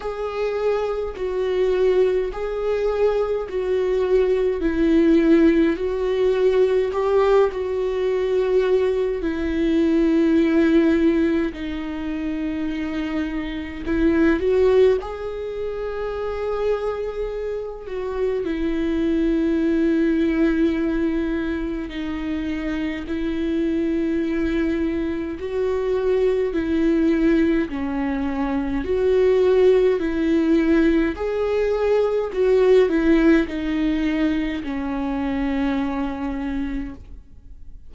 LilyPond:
\new Staff \with { instrumentName = "viola" } { \time 4/4 \tempo 4 = 52 gis'4 fis'4 gis'4 fis'4 | e'4 fis'4 g'8 fis'4. | e'2 dis'2 | e'8 fis'8 gis'2~ gis'8 fis'8 |
e'2. dis'4 | e'2 fis'4 e'4 | cis'4 fis'4 e'4 gis'4 | fis'8 e'8 dis'4 cis'2 | }